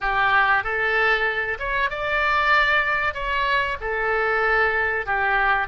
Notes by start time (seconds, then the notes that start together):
0.01 G4
0.63 A4
1.59 C#5
1.89 D5
3.14 C#5
3.80 A4
5.06 G4